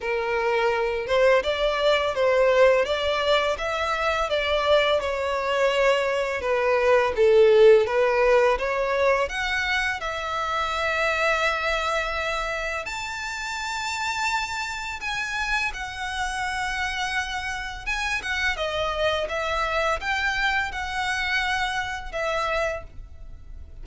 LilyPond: \new Staff \with { instrumentName = "violin" } { \time 4/4 \tempo 4 = 84 ais'4. c''8 d''4 c''4 | d''4 e''4 d''4 cis''4~ | cis''4 b'4 a'4 b'4 | cis''4 fis''4 e''2~ |
e''2 a''2~ | a''4 gis''4 fis''2~ | fis''4 gis''8 fis''8 dis''4 e''4 | g''4 fis''2 e''4 | }